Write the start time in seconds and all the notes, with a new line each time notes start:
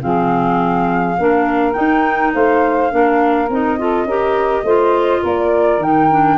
0.00 F3 C4 G#4 F5
1.19 A#3 D4 A#4
1.73 D#4 G5
2.34 A3 C5 F5
2.91 A#3 D4 A#4
3.49 C4 D#4 D#5
3.78 F4 A4
4.05 C#4 G4 A#4
4.64 A3 F4 C5
5.22 A#3 A#4 D5
5.78 D#3 D#4 G5
6.11 D4